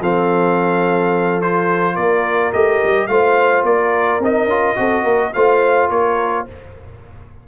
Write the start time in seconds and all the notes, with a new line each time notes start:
0.00 F3 C4 A4 F5
1.41 F4 C5
1.95 A#3 A#4 D5
2.53 A3 G4 D#5
2.84 G3
3.07 A3 F4 C5 F5
3.63 A#3 A#4 D5
4.19 C4 D#4 D#5
4.45 C#4 F4
4.76 C4 F#4 A4
5.03 A#3 A#4
5.34 A3 F4 C5 F5
5.89 A#3 A#4 C#5